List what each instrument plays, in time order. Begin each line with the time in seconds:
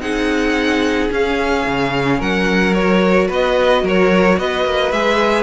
0.00 cello C4, viola D#4, violin G#4 F#5
1.09 viola C#4, cello C#4, violin F5
1.66 cello C#3
2.19 cello F#3, violin A#4 F#5
2.74 viola F#4, violin C#5
3.28 cello B3, violin B4 D#5
3.83 cello F#3, violin A#4 C#5
4.38 cello B3, violin B4 D#5
4.65 cello A#3
4.91 cello G#3, viola G#4, violin E5